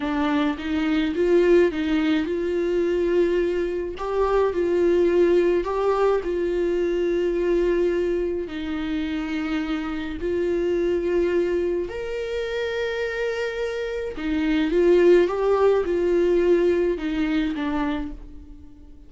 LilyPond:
\new Staff \with { instrumentName = "viola" } { \time 4/4 \tempo 4 = 106 d'4 dis'4 f'4 dis'4 | f'2. g'4 | f'2 g'4 f'4~ | f'2. dis'4~ |
dis'2 f'2~ | f'4 ais'2.~ | ais'4 dis'4 f'4 g'4 | f'2 dis'4 d'4 | }